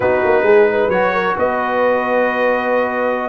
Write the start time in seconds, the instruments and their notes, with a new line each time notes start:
0.00 tuba B3, trombone D#4, horn F#4, trumpet B4
0.24 tuba A#3
0.42 tuba G#3, horn G#4
0.70 horn B4
0.88 tuba F#3, trombone F#4, trumpet C#5
1.13 horn A#4
1.36 tuba B3, horn B4, trumpet D#5